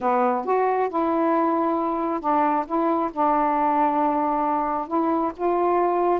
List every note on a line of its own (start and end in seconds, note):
0.00 0.45 B3
0.45 0.89 F#4
0.89 2.20 E4
2.20 2.65 D4
2.66 3.11 E4
3.12 4.87 D4
4.87 5.32 E4
5.36 6.20 F4